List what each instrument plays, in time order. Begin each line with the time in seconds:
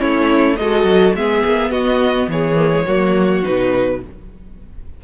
0.00 cello A3, viola C#4, violin E4 C#5
0.57 cello G#3, viola F#4, violin A4 D#5
0.85 cello F#3
1.15 cello G#3, viola B3, violin G#4 E5
1.46 cello A#3
1.70 cello B3, violin F#4 D#5
2.28 cello E3, violin G#4 C#5
2.57 viola A#3
2.72 viola G#3
2.86 cello F#3, viola A#3, violin F#4
3.43 cello B2, viola D#4, violin B4